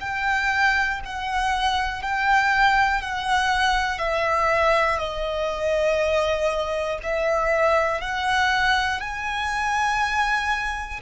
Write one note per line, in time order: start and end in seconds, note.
0.00 1.00 G5
1.05 2.02 F#5
2.02 3.01 G5
3.01 3.98 F#5
3.98 4.98 E5
4.98 6.98 D#5
7.02 8.00 E5
8.00 9.00 F#5
9.00 11.00 G#5